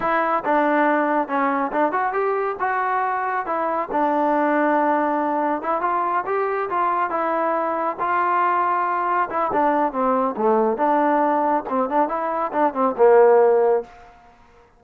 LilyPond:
\new Staff \with { instrumentName = "trombone" } { \time 4/4 \tempo 4 = 139 e'4 d'2 cis'4 | d'8 fis'8 g'4 fis'2 | e'4 d'2.~ | d'4 e'8 f'4 g'4 f'8~ |
f'8 e'2 f'4.~ | f'4. e'8 d'4 c'4 | a4 d'2 c'8 d'8 | e'4 d'8 c'8 ais2 | }